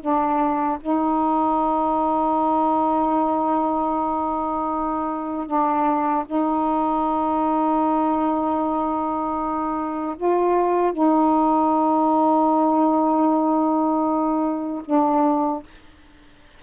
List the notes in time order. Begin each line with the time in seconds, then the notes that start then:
0.00 D4
0.80 D#4
5.47 D4
6.26 D#4
10.16 F4
10.92 D#4
14.85 D4